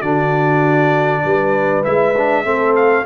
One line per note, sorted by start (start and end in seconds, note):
0.00 1.23 D3
0.00 1.85 D4
0.00 1.21 F#4
0.00 1.83 D5
1.24 1.85 G3
1.24 2.44 B4
1.84 2.45 G#3
1.84 2.15 E4
1.84 2.75 E5
2.17 2.45 D4
2.44 3.05 A3
2.44 3.05 C4
2.44 3.05 A4
2.76 3.06 F5